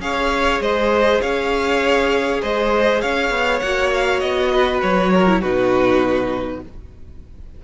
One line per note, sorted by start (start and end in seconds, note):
0.00 0.60 C#4
0.00 3.62 G#4
0.00 0.63 C#5
0.00 0.61 F5
0.61 1.21 G#3
0.61 1.21 C5
0.61 1.21 D#5
1.21 2.43 C#4
1.21 2.41 C#5
1.21 2.41 F5
2.43 3.03 G#3
2.43 3.02 C5
2.43 3.01 D#5
3.01 3.31 C#4
3.01 4.52 C#5
3.01 3.60 F5
3.31 3.61 B3
3.60 4.22 A#3
3.60 5.27 F#4
3.60 3.90 F#5
3.94 4.20 F5
4.20 4.83 B3
4.20 4.80 D#5
4.53 5.13 B4
4.82 5.42 F#3
4.82 5.42 C#5
5.14 5.41 A#4
5.27 5.42 E4
5.41 6.62 B2
5.41 6.64 D#4
5.41 6.61 F#4
5.41 6.62 B4